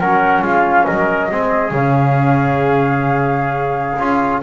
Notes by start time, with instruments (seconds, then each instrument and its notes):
0.00 double bass F#3, trombone C#4, trumpet A#4, flute F#5
0.42 double bass G#3, trumpet F4, flute F5
0.85 double bass F#3, trumpet A#4, flute D#5
1.31 double bass G#3, trombone C4, trumpet G#4
1.71 double bass C#3, trombone C#4, flute F5
3.99 double bass C#4, trombone F4